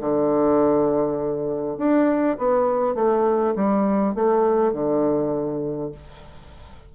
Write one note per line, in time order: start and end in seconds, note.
0.00 1.77 D3
1.77 2.37 D4
2.38 2.94 B3
2.94 3.54 A3
3.55 4.14 G3
4.14 4.72 A3
4.72 5.91 D3